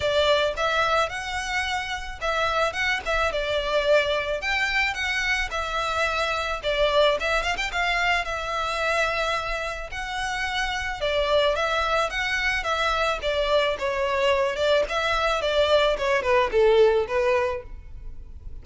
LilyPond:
\new Staff \with { instrumentName = "violin" } { \time 4/4 \tempo 4 = 109 d''4 e''4 fis''2 | e''4 fis''8 e''8 d''2 | g''4 fis''4 e''2 | d''4 e''8 f''16 g''16 f''4 e''4~ |
e''2 fis''2 | d''4 e''4 fis''4 e''4 | d''4 cis''4. d''8 e''4 | d''4 cis''8 b'8 a'4 b'4 | }